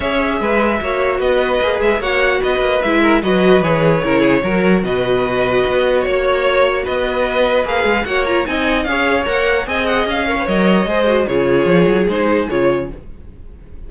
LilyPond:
<<
  \new Staff \with { instrumentName = "violin" } { \time 4/4 \tempo 4 = 149 e''2. dis''4~ | dis''8 e''8 fis''4 dis''4 e''4 | dis''4 cis''2. | dis''2. cis''4~ |
cis''4 dis''2 f''4 | fis''8 ais''8 gis''4 f''4 fis''4 | gis''8 fis''8 f''4 dis''2 | cis''2 c''4 cis''4 | }
  \new Staff \with { instrumentName = "violin" } { \time 4/4 cis''4 b'4 cis''4 b'4~ | b'4 cis''4 b'4. ais'8 | b'2 ais'8 gis'8 ais'4 | b'2. cis''4~ |
cis''4 b'2. | cis''4 dis''4 cis''2 | dis''4. cis''4. c''4 | gis'1 | }
  \new Staff \with { instrumentName = "viola" } { \time 4/4 gis'2 fis'2 | gis'4 fis'2 e'4 | fis'4 gis'4 e'4 fis'4~ | fis'1~ |
fis'2. gis'4 | fis'8 f'8 dis'4 gis'4 ais'4 | gis'4. ais'16 b'16 ais'4 gis'8 fis'8 | f'2 dis'4 f'4 | }
  \new Staff \with { instrumentName = "cello" } { \time 4/4 cis'4 gis4 ais4 b4 | ais8 gis8 ais4 b8 ais8 gis4 | fis4 e4 cis4 fis4 | b,2 b4 ais4~ |
ais4 b2 ais8 gis8 | ais4 c'4 cis'4 ais4 | c'4 cis'4 fis4 gis4 | cis4 f8 fis8 gis4 cis4 | }
>>